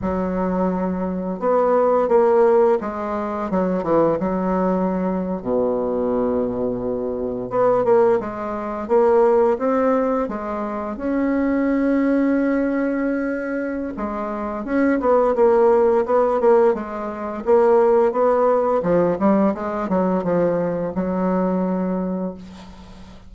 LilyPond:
\new Staff \with { instrumentName = "bassoon" } { \time 4/4 \tempo 4 = 86 fis2 b4 ais4 | gis4 fis8 e8 fis4.~ fis16 b,16~ | b,2~ b,8. b8 ais8 gis16~ | gis8. ais4 c'4 gis4 cis'16~ |
cis'1 | gis4 cis'8 b8 ais4 b8 ais8 | gis4 ais4 b4 f8 g8 | gis8 fis8 f4 fis2 | }